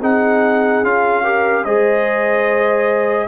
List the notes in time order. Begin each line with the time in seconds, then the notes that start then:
0.00 C4 D#4 G#4 F#5
0.83 C#4 F4 F5
1.23 G4 A#4
1.64 G#3 G#4 C5 D#5